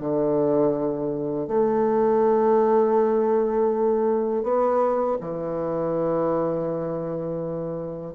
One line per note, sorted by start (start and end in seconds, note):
0.00 1.48 D3
1.48 4.43 A3
4.43 5.18 B3
5.21 8.15 E3